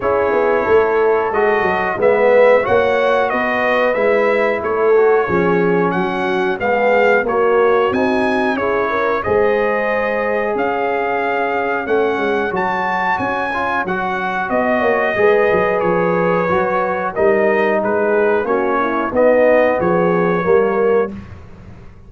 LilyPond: <<
  \new Staff \with { instrumentName = "trumpet" } { \time 4/4 \tempo 4 = 91 cis''2 dis''4 e''4 | fis''4 dis''4 e''4 cis''4~ | cis''4 fis''4 f''4 cis''4 | gis''4 cis''4 dis''2 |
f''2 fis''4 a''4 | gis''4 fis''4 dis''2 | cis''2 dis''4 b'4 | cis''4 dis''4 cis''2 | }
  \new Staff \with { instrumentName = "horn" } { \time 4/4 gis'4 a'2 b'4 | cis''4 b'2 a'4 | gis'4 fis'4 gis'4 fis'4~ | fis'4 gis'8 ais'8 c''2 |
cis''1~ | cis''2 dis''8 cis''8 b'4~ | b'2 ais'4 gis'4 | fis'8 e'8 dis'4 gis'4 ais'4 | }
  \new Staff \with { instrumentName = "trombone" } { \time 4/4 e'2 fis'4 b4 | fis'2 e'4. fis'8 | cis'2 b4 ais4 | dis'4 e'4 gis'2~ |
gis'2 cis'4 fis'4~ | fis'8 f'8 fis'2 gis'4~ | gis'4 fis'4 dis'2 | cis'4 b2 ais4 | }
  \new Staff \with { instrumentName = "tuba" } { \time 4/4 cis'8 b8 a4 gis8 fis8 gis4 | ais4 b4 gis4 a4 | f4 fis4 gis4 ais4 | c'4 cis'4 gis2 |
cis'2 a8 gis8 fis4 | cis'4 fis4 b8 ais8 gis8 fis8 | f4 fis4 g4 gis4 | ais4 b4 f4 g4 | }
>>